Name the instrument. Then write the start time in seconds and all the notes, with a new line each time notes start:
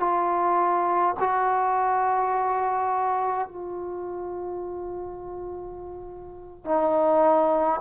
trombone
0.00 F4
1.20 F#4
3.48 F4
6.66 D#4